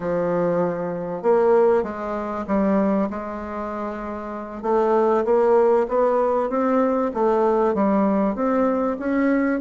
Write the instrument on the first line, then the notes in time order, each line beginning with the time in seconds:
bassoon
0.00 F3
1.22 A#3
1.83 G#3
2.47 G3
3.10 G#3
4.62 A3
5.24 A#3
5.88 B3
6.49 C4
7.13 A3
7.74 G3
8.35 C4
8.99 C#4